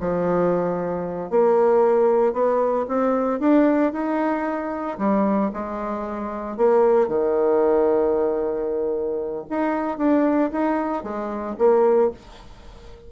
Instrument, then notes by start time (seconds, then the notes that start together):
bassoon
0.00 F3
1.30 A#3
2.33 B3
2.88 C4
3.40 D4
3.92 D#4
4.98 G3
5.53 G#3
6.57 A#3
7.08 D#3
9.50 D#4
9.98 D4
10.51 D#4
11.03 G#3
11.58 A#3